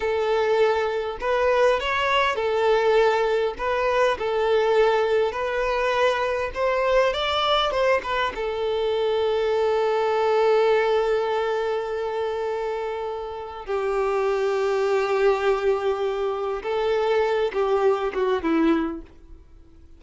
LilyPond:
\new Staff \with { instrumentName = "violin" } { \time 4/4 \tempo 4 = 101 a'2 b'4 cis''4 | a'2 b'4 a'4~ | a'4 b'2 c''4 | d''4 c''8 b'8 a'2~ |
a'1~ | a'2. g'4~ | g'1 | a'4. g'4 fis'8 e'4 | }